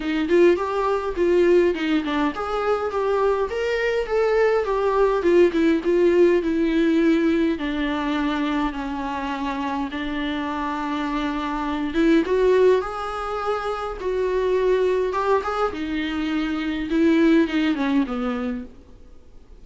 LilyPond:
\new Staff \with { instrumentName = "viola" } { \time 4/4 \tempo 4 = 103 dis'8 f'8 g'4 f'4 dis'8 d'8 | gis'4 g'4 ais'4 a'4 | g'4 f'8 e'8 f'4 e'4~ | e'4 d'2 cis'4~ |
cis'4 d'2.~ | d'8 e'8 fis'4 gis'2 | fis'2 g'8 gis'8 dis'4~ | dis'4 e'4 dis'8 cis'8 b4 | }